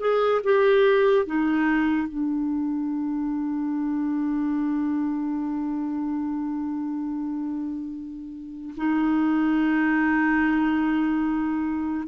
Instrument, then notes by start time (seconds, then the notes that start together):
clarinet
0.00 G#4
0.44 G4
1.26 D#4
2.08 D4
8.77 D#4